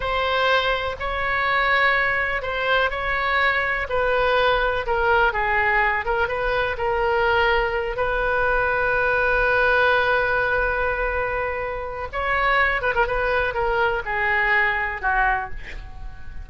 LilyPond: \new Staff \with { instrumentName = "oboe" } { \time 4/4 \tempo 4 = 124 c''2 cis''2~ | cis''4 c''4 cis''2 | b'2 ais'4 gis'4~ | gis'8 ais'8 b'4 ais'2~ |
ais'8 b'2.~ b'8~ | b'1~ | b'4 cis''4. b'16 ais'16 b'4 | ais'4 gis'2 fis'4 | }